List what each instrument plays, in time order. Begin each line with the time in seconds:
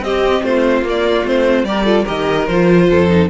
0.00 cello C4, viola C4, violin G4 D#5
0.44 cello A3, violin F4 C5
0.82 cello A#3, viola A#3
0.90 violin D5
1.25 cello A3, viola C4, violin C5
1.64 cello G3, viola G4, violin A#4 D5
1.85 viola F4, violin A4
2.05 cello D#3, viola G4, violin A#4 D#5
2.47 cello F3, viola F4, violin C5
2.91 cello F2, violin A4
3.09 viola D#4